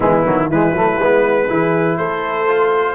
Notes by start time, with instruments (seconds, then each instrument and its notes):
0.00 tuba E3, trombone G#3, horn B3, trumpet E4
0.24 tuba D#3, trombone F#3
0.49 tuba E3, trombone G#3, horn E4, trumpet B4
0.72 tuba F#3, trombone A3
0.99 tuba G#3, trombone B3
1.48 tuba E3, trombone E4, horn G#4
1.97 tuba A3, horn A4, trumpet C5
2.47 trombone F4